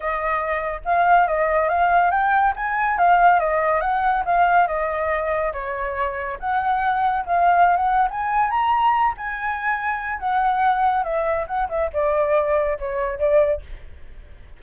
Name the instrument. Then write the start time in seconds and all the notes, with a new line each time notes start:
flute
0.00 D#5
0.84 F5
1.27 D#5
1.68 F5
2.11 G5
2.56 G#5
2.98 F5
3.39 D#5
3.81 F#5
4.25 F5
4.67 D#5
5.52 C#5
6.39 F#5
7.25 F5
7.76 F#5
8.10 G#5
8.50 A#5
9.17 G#5
10.19 F#5
11.03 E5
11.47 F#5
11.69 E5
11.93 D5
12.78 C#5
13.18 D5